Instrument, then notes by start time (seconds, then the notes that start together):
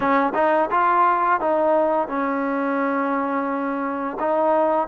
trombone
0.00 C#4
0.34 D#4
0.70 F4
1.40 D#4
2.08 C#4
4.19 D#4